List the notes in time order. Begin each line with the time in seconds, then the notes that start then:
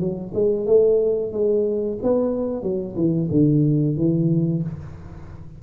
0.00 F#3
0.34 G#3
0.67 A3
1.32 G#3
2.03 B3
2.63 F#3
2.96 E3
3.31 D3
3.97 E3